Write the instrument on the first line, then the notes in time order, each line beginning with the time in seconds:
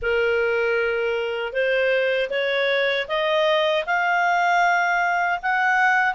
clarinet
0.01 A#4
1.52 C5
2.29 C#5
3.08 D#5
3.85 F5
5.42 F#5